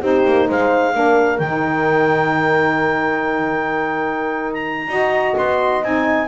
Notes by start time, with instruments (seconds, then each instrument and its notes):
0.00 double bass C4, saxophone D#4, horn G4, clarinet C5
0.25 double bass A#3
0.48 double bass G#3, horn C5, clarinet F5
0.93 double bass A#3, saxophone D4, horn A#4
1.38 double bass D#3, clarinet G5
1.44 saxophone D#4
4.53 clarinet A#5
4.87 double bass D#4, saxophone F#4, horn D#5
5.37 double bass B3, clarinet C6
5.83 double bass C4, saxophone D#4, clarinet G#5